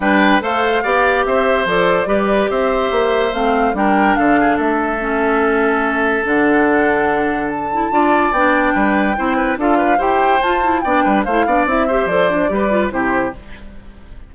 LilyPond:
<<
  \new Staff \with { instrumentName = "flute" } { \time 4/4 \tempo 4 = 144 g''4 f''2 e''4 | d''2 e''2 | f''4 g''4 f''4 e''4~ | e''2. fis''4~ |
fis''2 a''2 | g''2. f''4 | g''4 a''4 g''4 f''4 | e''4 d''2 c''4 | }
  \new Staff \with { instrumentName = "oboe" } { \time 4/4 b'4 c''4 d''4 c''4~ | c''4 b'4 c''2~ | c''4 ais'4 a'8 gis'8 a'4~ | a'1~ |
a'2. d''4~ | d''4 b'4 c''8 b'8 a'8 b'8 | c''2 d''8 b'8 c''8 d''8~ | d''8 c''4. b'4 g'4 | }
  \new Staff \with { instrumentName = "clarinet" } { \time 4/4 d'4 a'4 g'2 | a'4 g'2. | c'4 d'2. | cis'2. d'4~ |
d'2~ d'8 e'8 f'4 | d'2 e'4 f'4 | g'4 f'8 e'8 d'4 e'8 d'8 | e'8 g'8 a'8 d'8 g'8 f'8 e'4 | }
  \new Staff \with { instrumentName = "bassoon" } { \time 4/4 g4 a4 b4 c'4 | f4 g4 c'4 ais4 | a4 g4 d4 a4~ | a2. d4~ |
d2. d'4 | b4 g4 c'4 d'4 | e'4 f'4 b8 g8 a8 b8 | c'4 f4 g4 c4 | }
>>